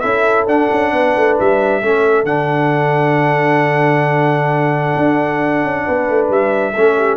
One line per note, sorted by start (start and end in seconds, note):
0.00 0.47 C#4
0.00 0.48 E4
0.00 0.91 A4
0.00 0.45 E5
0.47 0.69 D4
0.47 1.83 D4
0.47 1.38 F#5
0.72 0.93 C#4
0.93 1.15 B3
0.93 1.84 B4
1.17 1.39 A3
1.40 1.83 G3
1.40 2.26 E5
1.83 2.25 A3
1.83 2.26 C#4
1.83 5.86 A4
2.25 4.93 D3
2.25 6.74 D4
2.25 6.29 F#5
4.97 5.63 D4
5.63 5.86 C#4
5.86 6.10 B3
5.86 6.74 B4
6.10 6.30 A3
6.30 6.75 G3
6.30 7.17 E5
6.74 7.17 A3
6.74 7.17 C#4
6.74 6.97 A4
6.98 7.17 G4